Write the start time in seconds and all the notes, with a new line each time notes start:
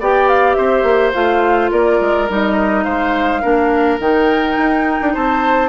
0.00 B3 G4 D5 G5
0.29 F5
0.54 C4 C5 E5
0.83 A#3
1.13 A3 F4 F5
1.71 A#3 A#4 D5
2.00 G#3
2.30 G3 D#4 D#5
2.84 G#3 C5 F5
3.42 A#3 D4 A#4
3.99 D#3 D#4 G5
4.57 D#4
5.02 D4
5.14 C4 C5 A5